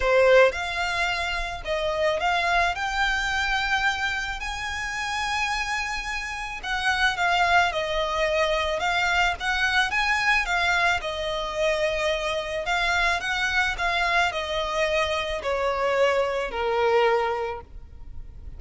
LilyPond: \new Staff \with { instrumentName = "violin" } { \time 4/4 \tempo 4 = 109 c''4 f''2 dis''4 | f''4 g''2. | gis''1 | fis''4 f''4 dis''2 |
f''4 fis''4 gis''4 f''4 | dis''2. f''4 | fis''4 f''4 dis''2 | cis''2 ais'2 | }